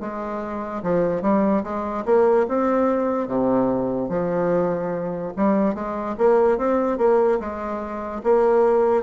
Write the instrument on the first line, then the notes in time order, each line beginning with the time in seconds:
bassoon
0.00 G#3
0.83 F3
1.22 G3
1.63 G#3
2.05 A#3
2.48 C4
3.27 C3
4.09 F3
5.36 G3
5.75 G#3
6.18 A#3
6.58 C4
6.98 A#3
7.40 G#3
8.24 A#3